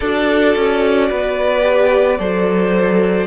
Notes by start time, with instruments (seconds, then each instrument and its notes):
0.00 cello D4, viola F#4, violin A4 D5
0.55 cello C#4
1.09 cello B3, violin B4
1.60 viola G4
2.19 cello F#3, viola A4, violin C5